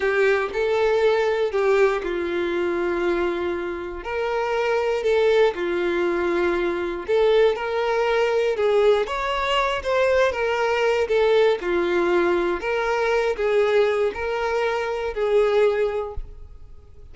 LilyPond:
\new Staff \with { instrumentName = "violin" } { \time 4/4 \tempo 4 = 119 g'4 a'2 g'4 | f'1 | ais'2 a'4 f'4~ | f'2 a'4 ais'4~ |
ais'4 gis'4 cis''4. c''8~ | c''8 ais'4. a'4 f'4~ | f'4 ais'4. gis'4. | ais'2 gis'2 | }